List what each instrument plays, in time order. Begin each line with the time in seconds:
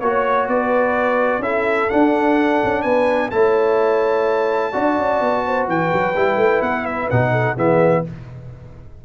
0.00 tuba A#3, trombone F#4, trumpet C#5, horn C#5
0.48 tuba B3, horn B4, trumpet D5
1.39 tuba C#4, trombone E4, horn A4, trumpet E5
1.89 trombone D4, tuba D4, trumpet F#5
2.64 tuba C#4
2.82 tuba B3, horn B4, trumpet G#5
3.30 tuba A3, trombone E4, horn C#5, trumpet A5
4.72 tuba D4, trombone F#4, horn D5
4.98 tuba C#4
5.20 tuba B3
5.46 horn C5
5.68 tuba E3, horn B4, trumpet G5
5.93 tuba F#3
6.15 tuba G3, trombone E4
6.37 tuba A3
6.61 tuba B3, trumpet F#5
6.85 trumpet E5
7.10 tuba B2, trombone D#4, trumpet F#5
7.32 horn A4
7.55 tuba E3, trombone B3, horn G#4, trumpet E5